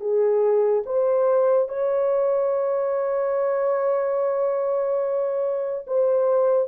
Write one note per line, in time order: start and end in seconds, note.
0.00 0.83 G#4
0.86 1.68 C5
1.68 5.85 C#5
5.86 6.68 C5